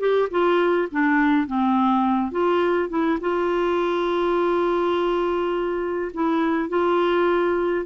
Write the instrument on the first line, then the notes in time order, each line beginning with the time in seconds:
clarinet
0.00 G4
0.31 F4
0.92 D4
1.48 C4
2.32 F4
2.90 E4
3.21 F4
6.15 E4
6.70 F4